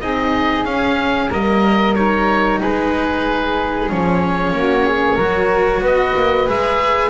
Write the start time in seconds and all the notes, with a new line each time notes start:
0.00 C4 D#4 G#4 D#5
0.65 C#4 F5
1.29 G3 A#3 A#4 D#5
1.95 D#4 C#5
2.60 G#3 G#4 B4
3.90 F3 C#4 C#5
4.52 A#3 F#4
4.85 G#4
5.15 F#3 F#4 A#4
5.80 B3 B4 D#5
6.16 A#3
6.47 G#3 G#4 E5